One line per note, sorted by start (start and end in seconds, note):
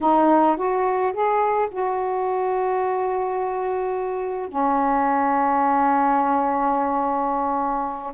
0.00 0.56 D#4
0.56 1.12 F#4
1.12 1.68 G#4
1.71 4.48 F#4
4.48 8.12 C#4